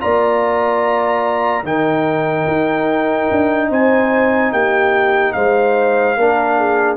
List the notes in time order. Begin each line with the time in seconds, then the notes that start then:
0.00 A#3 F4 D5 A#5
1.64 D#3 D#4 A#4 G5
2.48 D#4
3.31 D4
3.70 C4 C5 G#5
4.52 A#3 G4 G5
5.33 G#3 C5 F5
6.17 A#3 D4 A#4
6.58 G#4